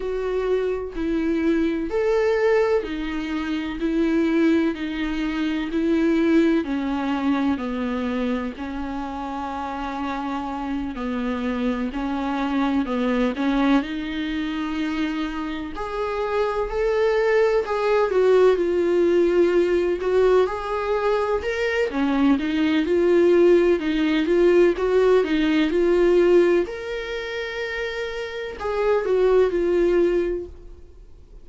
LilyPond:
\new Staff \with { instrumentName = "viola" } { \time 4/4 \tempo 4 = 63 fis'4 e'4 a'4 dis'4 | e'4 dis'4 e'4 cis'4 | b4 cis'2~ cis'8 b8~ | b8 cis'4 b8 cis'8 dis'4.~ |
dis'8 gis'4 a'4 gis'8 fis'8 f'8~ | f'4 fis'8 gis'4 ais'8 cis'8 dis'8 | f'4 dis'8 f'8 fis'8 dis'8 f'4 | ais'2 gis'8 fis'8 f'4 | }